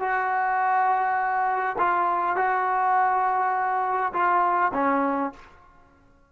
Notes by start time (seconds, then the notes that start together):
0.00 F#4
1.78 F4
2.36 F#4
4.13 F4
4.74 C#4